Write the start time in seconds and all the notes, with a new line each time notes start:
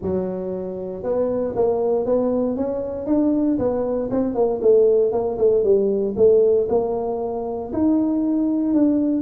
0.01 F#3
1.03 B3
1.55 A#3
2.05 B3
2.56 C#4
3.06 D4
3.58 B3
4.10 C4
4.34 A#3
4.61 A3
5.12 A#3
5.38 A3
5.63 G3
6.16 A3
6.69 A#3
7.72 D#4
8.74 D4